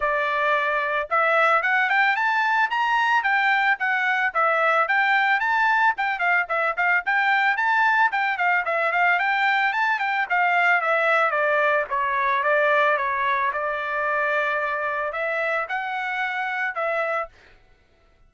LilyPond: \new Staff \with { instrumentName = "trumpet" } { \time 4/4 \tempo 4 = 111 d''2 e''4 fis''8 g''8 | a''4 ais''4 g''4 fis''4 | e''4 g''4 a''4 g''8 f''8 | e''8 f''8 g''4 a''4 g''8 f''8 |
e''8 f''8 g''4 a''8 g''8 f''4 | e''4 d''4 cis''4 d''4 | cis''4 d''2. | e''4 fis''2 e''4 | }